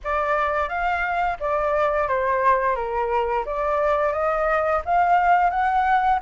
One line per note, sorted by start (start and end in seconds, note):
0.03 0.68 D5
0.68 1.37 F5
1.40 2.08 D5
2.08 2.75 C5
2.75 3.44 A#4
3.45 4.12 D5
4.12 4.81 D#5
4.85 5.50 F5
5.50 6.19 F#5